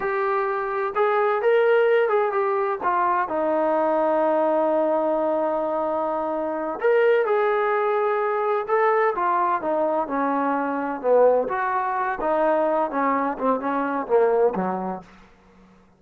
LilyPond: \new Staff \with { instrumentName = "trombone" } { \time 4/4 \tempo 4 = 128 g'2 gis'4 ais'4~ | ais'8 gis'8 g'4 f'4 dis'4~ | dis'1~ | dis'2~ dis'8 ais'4 gis'8~ |
gis'2~ gis'8 a'4 f'8~ | f'8 dis'4 cis'2 b8~ | b8 fis'4. dis'4. cis'8~ | cis'8 c'8 cis'4 ais4 fis4 | }